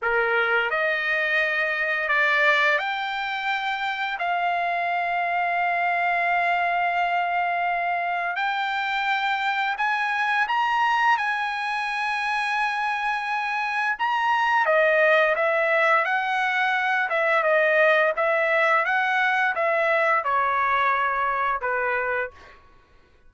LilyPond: \new Staff \with { instrumentName = "trumpet" } { \time 4/4 \tempo 4 = 86 ais'4 dis''2 d''4 | g''2 f''2~ | f''1 | g''2 gis''4 ais''4 |
gis''1 | ais''4 dis''4 e''4 fis''4~ | fis''8 e''8 dis''4 e''4 fis''4 | e''4 cis''2 b'4 | }